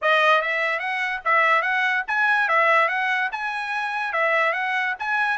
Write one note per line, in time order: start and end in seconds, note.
0.01 0.41 D#5
0.41 0.79 E5
0.79 1.20 F#5
1.25 1.62 E5
1.62 2.03 F#5
2.07 2.48 G#5
2.48 2.88 E5
2.88 3.29 F#5
3.31 4.12 G#5
4.12 4.53 E5
4.53 4.94 F#5
4.99 5.37 G#5